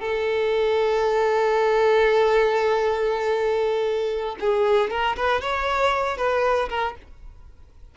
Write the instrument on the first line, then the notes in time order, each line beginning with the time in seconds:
violin
0.00 A4
4.40 G#4
4.90 A#4
5.16 B4
5.41 C#5
6.17 B4
6.69 A#4